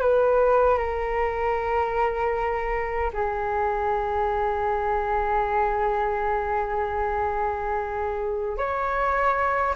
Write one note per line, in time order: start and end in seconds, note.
0.00 0.77 B4
0.77 3.11 A#4
3.13 8.57 G#4
8.57 9.74 C#5